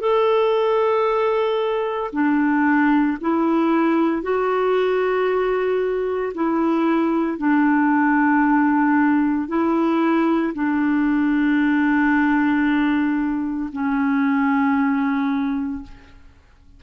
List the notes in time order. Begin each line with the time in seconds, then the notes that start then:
0.00 A4
2.12 D4
3.21 E4
4.22 F#4
6.34 E4
7.38 D4
9.48 E4
10.54 D4
13.72 C#4